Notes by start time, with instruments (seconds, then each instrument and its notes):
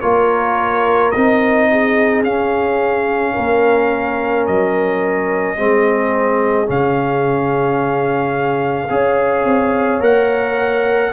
0.00 tuba A#3, trombone F4, horn A#4, trumpet C#5
1.11 tuba C4, trombone D#4, trumpet D#5
1.71 horn G#4
2.23 tuba C#4, trombone C#4, trumpet F5
3.33 tuba A#3, horn A#4
4.46 tuba F#3, trumpet D#5
5.57 tuba G#3, trombone C4, horn G#4
6.66 tuba C#3, trombone C#4, trumpet F5
8.89 tuba C#4, trombone G#4, horn C#5
9.44 tuba C4
10.00 tuba A#3, trombone A#4, trumpet F#5